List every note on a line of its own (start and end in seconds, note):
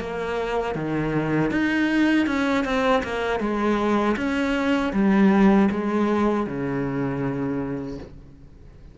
0.00 0.75 A#3
0.75 1.51 D#3
1.51 2.26 D#4
2.26 2.64 C#4
2.64 3.02 C4
3.03 3.40 A#3
3.40 4.16 G#3
4.16 4.92 C#4
4.93 5.69 G3
5.71 6.46 G#3
6.46 7.98 C#3